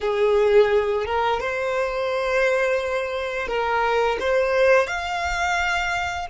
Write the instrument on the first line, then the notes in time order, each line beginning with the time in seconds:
violin
0.00 G#4
1.05 A#4
1.40 C5
3.47 A#4
4.20 C5
4.87 F5